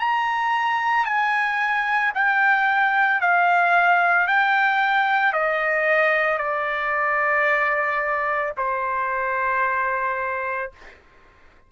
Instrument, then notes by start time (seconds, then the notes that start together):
trumpet
0.00 A#5
1.06 G#5
2.15 G5
3.21 F5
4.28 G5
5.33 D#5
6.38 D5
8.58 C5